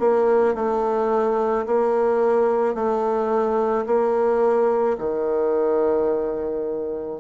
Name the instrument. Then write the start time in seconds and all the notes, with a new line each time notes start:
bassoon
0.00 A#3
0.55 A3
1.67 A#3
2.75 A3
3.86 A#3
4.99 D#3